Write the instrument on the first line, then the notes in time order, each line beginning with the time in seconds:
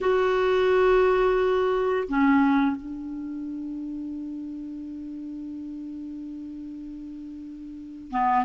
clarinet
0.01 F#4
2.08 C#4
2.76 D4
8.10 B3